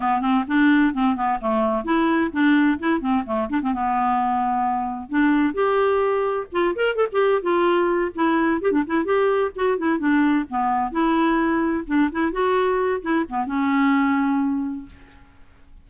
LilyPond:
\new Staff \with { instrumentName = "clarinet" } { \time 4/4 \tempo 4 = 129 b8 c'8 d'4 c'8 b8 a4 | e'4 d'4 e'8 c'8 a8 d'16 c'16 | b2. d'4 | g'2 f'8 ais'8 a'16 g'8. |
f'4. e'4 g'16 d'16 e'8 g'8~ | g'8 fis'8 e'8 d'4 b4 e'8~ | e'4. d'8 e'8 fis'4. | e'8 b8 cis'2. | }